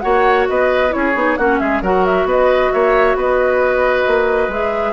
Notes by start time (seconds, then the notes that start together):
0.00 A#3 F#4 C#5 F#5
0.48 B3 B4 D#5
0.89 C#4 E4 C#5
0.96 G#4
1.14 B3 D#4
1.37 A#3 C#4 F#4 F#5
1.59 G#3 G#4 E5
1.81 F#3 F#4 A#4 F#5
2.05 E5
2.24 B3 B4 D#5
2.72 A#3 C#5 E5
3.15 B3 B4 D#5
4.07 A#3
4.48 G#3 G#4 E5